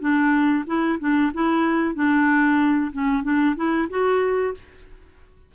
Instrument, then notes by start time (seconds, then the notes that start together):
clarinet
0.00 D4
0.67 E4
1.00 D4
1.34 E4
1.95 D4
2.92 C#4
3.23 D4
3.56 E4
3.90 F#4